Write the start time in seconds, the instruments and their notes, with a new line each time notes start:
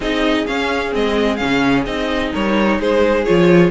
0.00 cello C4, viola D#4, violin G#4 D#5
0.46 viola C#4, cello C#4, violin F5
0.91 cello G#3, viola C4, violin D#5
1.36 viola C#4, violin F5
1.43 cello C#3
1.85 cello C4, viola D#4, violin D#5
2.32 cello G3, violin A#4 C#5
2.79 cello G#3, violin G#4 C5
3.24 cello F3, viola F4, violin C#5